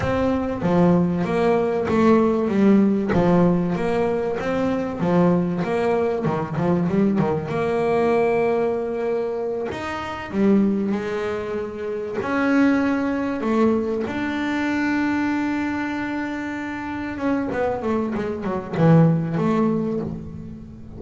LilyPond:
\new Staff \with { instrumentName = "double bass" } { \time 4/4 \tempo 4 = 96 c'4 f4 ais4 a4 | g4 f4 ais4 c'4 | f4 ais4 dis8 f8 g8 dis8 | ais2.~ ais8 dis'8~ |
dis'8 g4 gis2 cis'8~ | cis'4. a4 d'4.~ | d'2.~ d'8 cis'8 | b8 a8 gis8 fis8 e4 a4 | }